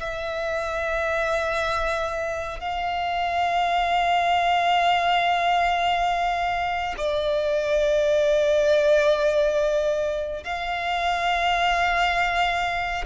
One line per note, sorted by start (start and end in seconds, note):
0.00 2.60 E5
2.60 6.95 F5
6.98 10.44 D5
10.44 13.05 F5